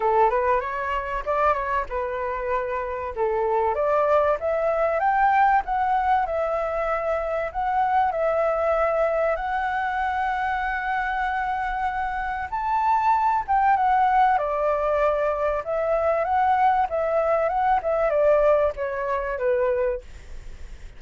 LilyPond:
\new Staff \with { instrumentName = "flute" } { \time 4/4 \tempo 4 = 96 a'8 b'8 cis''4 d''8 cis''8 b'4~ | b'4 a'4 d''4 e''4 | g''4 fis''4 e''2 | fis''4 e''2 fis''4~ |
fis''1 | a''4. g''8 fis''4 d''4~ | d''4 e''4 fis''4 e''4 | fis''8 e''8 d''4 cis''4 b'4 | }